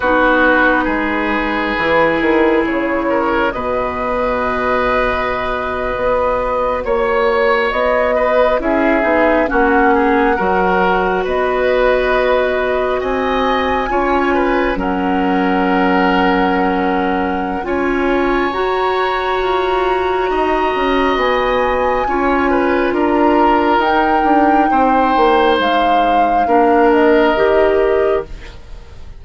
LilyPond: <<
  \new Staff \with { instrumentName = "flute" } { \time 4/4 \tempo 4 = 68 b'2. cis''4 | dis''2.~ dis''8. cis''16~ | cis''8. dis''4 e''4 fis''4~ fis''16~ | fis''8. dis''2 gis''4~ gis''16~ |
gis''8. fis''2.~ fis''16 | gis''4 ais''2. | gis''2 ais''4 g''4~ | g''4 f''4. dis''4. | }
  \new Staff \with { instrumentName = "oboe" } { \time 4/4 fis'4 gis'2~ gis'8 ais'8 | b'2.~ b'8. cis''16~ | cis''4~ cis''16 b'8 gis'4 fis'8 gis'8 ais'16~ | ais'8. b'2 dis''4 cis''16~ |
cis''16 b'8 ais'2.~ ais'16 | cis''2. dis''4~ | dis''4 cis''8 b'8 ais'2 | c''2 ais'2 | }
  \new Staff \with { instrumentName = "clarinet" } { \time 4/4 dis'2 e'2 | fis'1~ | fis'4.~ fis'16 e'8 dis'8 cis'4 fis'16~ | fis'2.~ fis'8. f'16~ |
f'8. cis'2.~ cis'16 | f'4 fis'2.~ | fis'4 f'2 dis'4~ | dis'2 d'4 g'4 | }
  \new Staff \with { instrumentName = "bassoon" } { \time 4/4 b4 gis4 e8 dis8 cis4 | b,2~ b,8. b4 ais16~ | ais8. b4 cis'8 b8 ais4 fis16~ | fis8. b2 c'4 cis'16~ |
cis'8. fis2.~ fis16 | cis'4 fis'4 f'4 dis'8 cis'8 | b4 cis'4 d'4 dis'8 d'8 | c'8 ais8 gis4 ais4 dis4 | }
>>